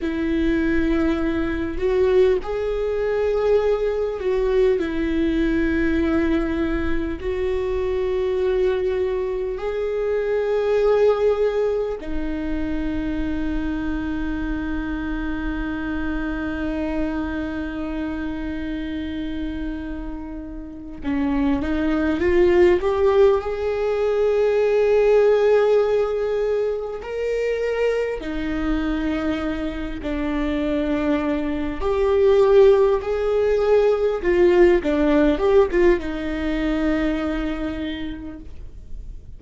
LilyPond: \new Staff \with { instrumentName = "viola" } { \time 4/4 \tempo 4 = 50 e'4. fis'8 gis'4. fis'8 | e'2 fis'2 | gis'2 dis'2~ | dis'1~ |
dis'4. cis'8 dis'8 f'8 g'8 gis'8~ | gis'2~ gis'8 ais'4 dis'8~ | dis'4 d'4. g'4 gis'8~ | gis'8 f'8 d'8 g'16 f'16 dis'2 | }